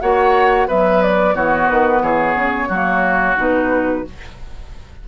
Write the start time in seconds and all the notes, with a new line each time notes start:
0.00 A#3 F#4 C#5 F#5
0.67 F#3 B3 B4 E5
1.02 D5
1.34 E3 B3 F#4 C#5
1.69 D#3 B4
2.02 E3 G#4 C#5
2.34 C#3
2.68 F#3 A#3 F#4
3.37 B2 D#4 B4